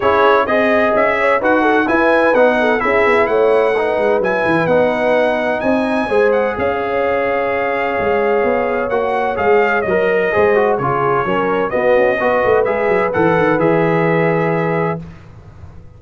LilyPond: <<
  \new Staff \with { instrumentName = "trumpet" } { \time 4/4 \tempo 4 = 128 cis''4 dis''4 e''4 fis''4 | gis''4 fis''4 e''4 fis''4~ | fis''4 gis''4 fis''2 | gis''4. fis''8 f''2~ |
f''2. fis''4 | f''4 dis''2 cis''4~ | cis''4 dis''2 e''4 | fis''4 e''2. | }
  \new Staff \with { instrumentName = "horn" } { \time 4/4 gis'4 dis''4. cis''8 b'8 a'8 | b'4. a'8 gis'4 cis''4 | b'1 | dis''4 c''4 cis''2~ |
cis''1~ | cis''2 c''4 gis'4 | ais'4 fis'4 b'2~ | b'1 | }
  \new Staff \with { instrumentName = "trombone" } { \time 4/4 e'4 gis'2 fis'4 | e'4 dis'4 e'2 | dis'4 e'4 dis'2~ | dis'4 gis'2.~ |
gis'2. fis'4 | gis'4 ais'4 gis'8 fis'8 f'4 | cis'4 b4 fis'4 gis'4 | a'4 gis'2. | }
  \new Staff \with { instrumentName = "tuba" } { \time 4/4 cis'4 c'4 cis'4 dis'4 | e'4 b4 cis'8 b8 a4~ | a8 gis8 fis8 e8 b2 | c'4 gis4 cis'2~ |
cis'4 gis4 b4 ais4 | gis4 fis4 gis4 cis4 | fis4 b8 cis'8 b8 a8 gis8 fis8 | e8 dis8 e2. | }
>>